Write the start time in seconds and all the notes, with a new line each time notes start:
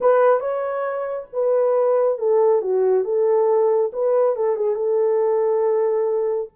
0.01 B4
0.40 C#5
1.32 B4
2.18 A4
2.61 F#4
3.04 A4
3.92 B4
4.35 A4
4.56 G#4
4.75 A4